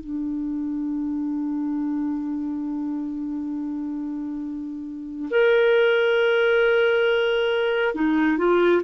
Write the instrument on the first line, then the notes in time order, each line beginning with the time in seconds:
clarinet
0.00 D4
5.31 A#4
7.95 D#4
8.38 F4